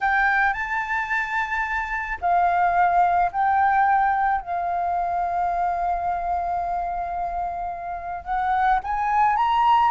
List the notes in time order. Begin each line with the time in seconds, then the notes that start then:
0.00 G5
0.53 A5
2.21 F5
3.32 G5
4.41 F5
8.24 F#5
8.83 G#5
9.36 A#5